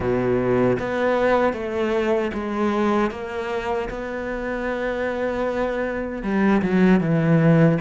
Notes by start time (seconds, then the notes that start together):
0.00 B2
0.79 B3
1.53 A3
2.33 G#3
3.11 A#3
3.89 B3
6.22 G3
6.62 F#3
7.00 E3